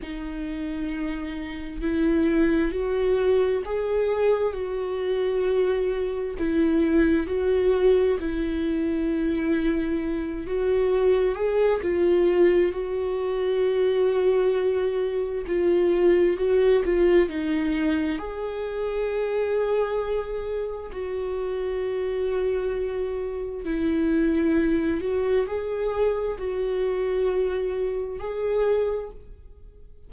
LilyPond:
\new Staff \with { instrumentName = "viola" } { \time 4/4 \tempo 4 = 66 dis'2 e'4 fis'4 | gis'4 fis'2 e'4 | fis'4 e'2~ e'8 fis'8~ | fis'8 gis'8 f'4 fis'2~ |
fis'4 f'4 fis'8 f'8 dis'4 | gis'2. fis'4~ | fis'2 e'4. fis'8 | gis'4 fis'2 gis'4 | }